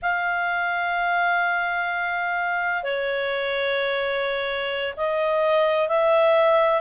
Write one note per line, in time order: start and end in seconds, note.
0.02 2.83 F5
2.83 4.93 C#5
4.96 5.88 D#5
5.88 6.81 E5